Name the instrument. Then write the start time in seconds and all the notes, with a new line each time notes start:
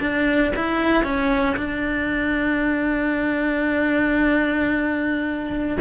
cello
0.00 D4
0.56 E4
1.03 C#4
1.56 D4